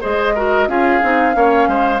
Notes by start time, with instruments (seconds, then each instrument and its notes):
0.00 bassoon G#3, clarinet G#4, oboe C5, flute D#5
0.35 clarinet F#4, oboe A#4
0.67 bassoon C#4, clarinet F4, oboe G#4, flute F5
1.02 bassoon C4, clarinet D#4
1.32 bassoon A#3, clarinet C#4, oboe C#5
1.67 bassoon G#3, oboe C5